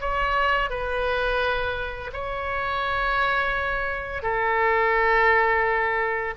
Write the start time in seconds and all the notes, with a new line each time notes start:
0.00 C#5
0.70 B4
2.13 C#5
4.22 A4